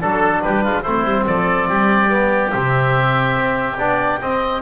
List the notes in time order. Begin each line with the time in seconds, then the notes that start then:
0.00 F#3 D4 A4
0.42 G3 G4 B4
0.64 G#3 F4
0.82 A3 C4 E4 C5
1.04 G3
1.26 F3 A4 D5
1.69 G3 G4
2.09 B3
2.51 C3 C4 E5
3.37 C4
3.78 B3 D4 D5
4.21 C4 D#5